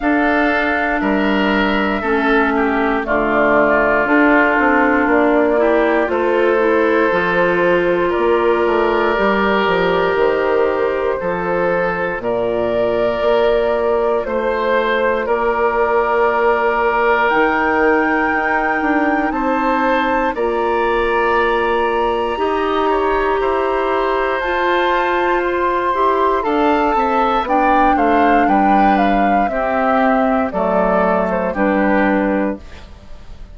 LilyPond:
<<
  \new Staff \with { instrumentName = "flute" } { \time 4/4 \tempo 4 = 59 f''4 e''2 d''4 | a'4 d''4 c''2 | d''2 c''2 | d''2 c''4 d''4~ |
d''4 g''2 a''4 | ais''1 | a''4 c'''4 a''4 g''8 f''8 | g''8 f''8 e''4 d''8. c''16 b'4 | }
  \new Staff \with { instrumentName = "oboe" } { \time 4/4 a'4 ais'4 a'8 g'8 f'4~ | f'4. g'8 a'2 | ais'2. a'4 | ais'2 c''4 ais'4~ |
ais'2. c''4 | d''2 dis''8 cis''8 c''4~ | c''2 f''8 e''8 d''8 c''8 | b'4 g'4 a'4 g'4 | }
  \new Staff \with { instrumentName = "clarinet" } { \time 4/4 d'2 cis'4 a4 | d'4. e'8 f'8 e'8 f'4~ | f'4 g'2 f'4~ | f'1~ |
f'4 dis'2. | f'2 g'2 | f'4. g'8 a'4 d'4~ | d'4 c'4 a4 d'4 | }
  \new Staff \with { instrumentName = "bassoon" } { \time 4/4 d'4 g4 a4 d4 | d'8 c'8 ais4 a4 f4 | ais8 a8 g8 f8 dis4 f4 | ais,4 ais4 a4 ais4~ |
ais4 dis4 dis'8 d'8 c'4 | ais2 dis'4 e'4 | f'4. e'8 d'8 c'8 b8 a8 | g4 c'4 fis4 g4 | }
>>